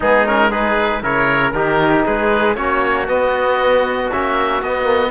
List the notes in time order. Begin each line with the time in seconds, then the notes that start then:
0.00 G#3 B3 D#4 G#4
0.26 C#4 A#4
0.50 D#4 G#4 B4
1.02 C#3 E4 A#4 C#5
1.51 D#3 D#4 G4 A#4
2.05 G#3 G#4 B4
2.55 A#3 C#4 F#4 C#5
3.07 B3 D#5
4.11 A#3 C#4 E5
4.61 B3 D#5
4.83 A#3